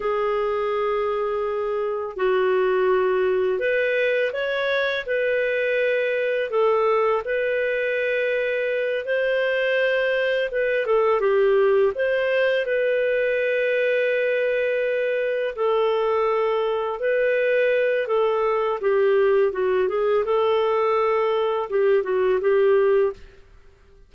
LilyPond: \new Staff \with { instrumentName = "clarinet" } { \time 4/4 \tempo 4 = 83 gis'2. fis'4~ | fis'4 b'4 cis''4 b'4~ | b'4 a'4 b'2~ | b'8 c''2 b'8 a'8 g'8~ |
g'8 c''4 b'2~ b'8~ | b'4. a'2 b'8~ | b'4 a'4 g'4 fis'8 gis'8 | a'2 g'8 fis'8 g'4 | }